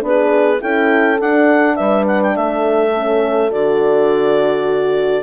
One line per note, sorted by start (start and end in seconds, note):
0.00 0.60 B3
0.00 0.58 D4
0.00 0.60 G#4
0.07 0.61 B4
0.60 1.20 C#4
0.60 1.18 E4
0.60 1.76 A4
0.60 1.19 G5
1.20 1.77 D4
1.20 2.94 D4
1.20 1.75 F#5
1.75 2.36 G3
1.75 2.34 B4
1.75 2.04 E5
2.07 2.22 F#5
2.22 2.36 G5
2.36 3.51 A3
2.36 4.64 A4
2.36 3.51 E5
2.94 3.50 C#4
3.50 5.23 D3
3.50 5.23 F#4
3.50 5.23 D5
4.64 5.22 F#4